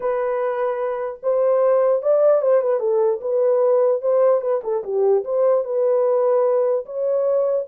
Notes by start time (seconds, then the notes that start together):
0.00 B4
1.22 C5
2.02 D5
2.41 C5
2.61 B4
2.79 A4
3.21 B4
4.01 C5
4.41 B4
4.63 A4
4.83 G4
5.24 C5
5.64 B4
6.85 C#5